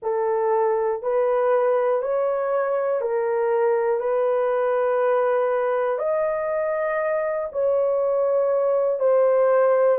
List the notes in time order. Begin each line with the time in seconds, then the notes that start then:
0.02 A4
1.02 B4
2.01 C#5
3.00 A#4
4.00 B4
5.98 D#5
7.52 C#5
8.99 C5